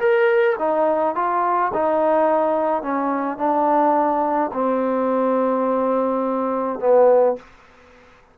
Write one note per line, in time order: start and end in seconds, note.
0.00 0.57 A#4
0.59 1.16 D#4
1.16 1.72 F4
1.74 2.83 D#4
2.83 3.38 C#4
3.38 4.51 D4
4.54 6.80 C4
6.80 7.37 B3